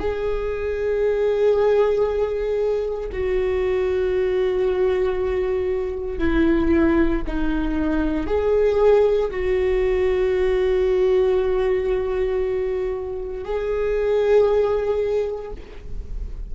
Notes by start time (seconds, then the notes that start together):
0.00 G#4
3.13 F#4
6.19 E4
7.27 D#4
8.27 G#4
9.31 F#4
13.45 G#4